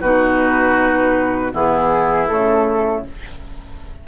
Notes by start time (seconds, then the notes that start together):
0.00 B2 D#4 F#4 B4
1.51 E3 B3 E4 G#4
2.27 C#3 A3 A4